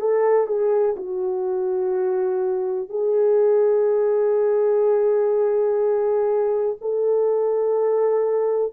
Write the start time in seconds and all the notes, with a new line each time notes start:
0.00 A4
0.47 G#4
0.96 F#4
2.89 G#4
6.81 A4